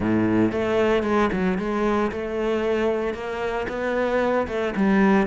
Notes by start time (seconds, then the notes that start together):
0.00 A2
0.52 A3
1.03 G#3
1.32 F#3
1.58 G#3
2.11 A3
3.14 A#3
3.68 B3
4.47 A3
4.75 G3